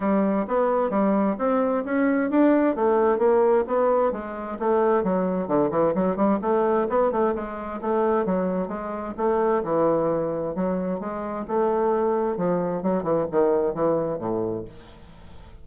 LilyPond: \new Staff \with { instrumentName = "bassoon" } { \time 4/4 \tempo 4 = 131 g4 b4 g4 c'4 | cis'4 d'4 a4 ais4 | b4 gis4 a4 fis4 | d8 e8 fis8 g8 a4 b8 a8 |
gis4 a4 fis4 gis4 | a4 e2 fis4 | gis4 a2 f4 | fis8 e8 dis4 e4 a,4 | }